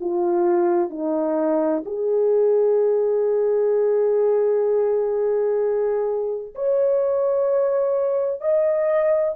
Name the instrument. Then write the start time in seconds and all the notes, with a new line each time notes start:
horn
0.00 F4
0.89 D#4
1.85 G#4
6.55 C#5
8.41 D#5